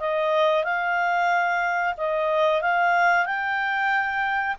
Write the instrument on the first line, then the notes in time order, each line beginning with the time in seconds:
clarinet
0.00 D#5
0.64 F5
1.97 D#5
2.62 F5
3.26 G5